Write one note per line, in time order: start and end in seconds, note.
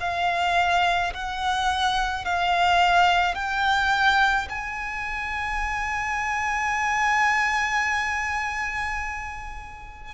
0.00 1.13 F5
1.14 2.25 F#5
2.25 3.35 F5
3.35 4.48 G5
4.49 10.14 G#5